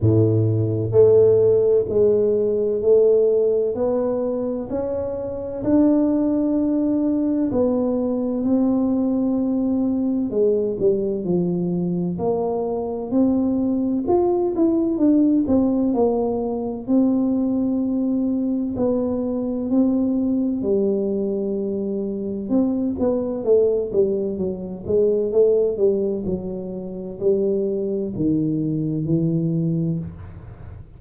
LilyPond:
\new Staff \with { instrumentName = "tuba" } { \time 4/4 \tempo 4 = 64 a,4 a4 gis4 a4 | b4 cis'4 d'2 | b4 c'2 gis8 g8 | f4 ais4 c'4 f'8 e'8 |
d'8 c'8 ais4 c'2 | b4 c'4 g2 | c'8 b8 a8 g8 fis8 gis8 a8 g8 | fis4 g4 dis4 e4 | }